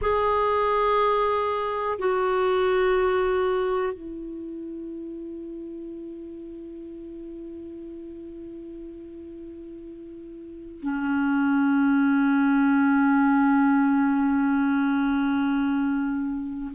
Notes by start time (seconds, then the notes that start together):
0.01 G#4
1.99 F#4
3.92 E4
10.82 C#4